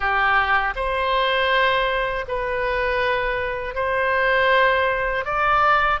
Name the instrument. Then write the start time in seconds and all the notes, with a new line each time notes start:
oboe
0.00 G4
0.75 C5
2.28 B4
3.74 C5
5.25 D5